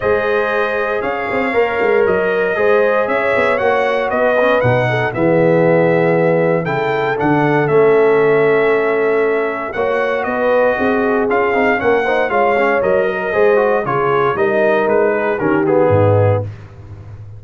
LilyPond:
<<
  \new Staff \with { instrumentName = "trumpet" } { \time 4/4 \tempo 4 = 117 dis''2 f''2 | dis''2 e''4 fis''4 | dis''4 fis''4 e''2~ | e''4 g''4 fis''4 e''4~ |
e''2. fis''4 | dis''2 f''4 fis''4 | f''4 dis''2 cis''4 | dis''4 b'4 ais'8 gis'4. | }
  \new Staff \with { instrumentName = "horn" } { \time 4/4 c''2 cis''2~ | cis''4 c''4 cis''2 | b'4. a'8 gis'2~ | gis'4 a'2.~ |
a'2. cis''4 | b'4 gis'2 ais'8 c''8 | cis''4. ais'8 c''4 gis'4 | ais'4. gis'8 g'4 dis'4 | }
  \new Staff \with { instrumentName = "trombone" } { \time 4/4 gis'2. ais'4~ | ais'4 gis'2 fis'4~ | fis'8 cis'8 dis'4 b2~ | b4 e'4 d'4 cis'4~ |
cis'2. fis'4~ | fis'2 f'8 dis'8 cis'8 dis'8 | f'8 cis'8 ais'4 gis'8 fis'8 f'4 | dis'2 cis'8 b4. | }
  \new Staff \with { instrumentName = "tuba" } { \time 4/4 gis2 cis'8 c'8 ais8 gis8 | fis4 gis4 cis'8 b8 ais4 | b4 b,4 e2~ | e4 cis4 d4 a4~ |
a2. ais4 | b4 c'4 cis'8 c'8 ais4 | gis4 fis4 gis4 cis4 | g4 gis4 dis4 gis,4 | }
>>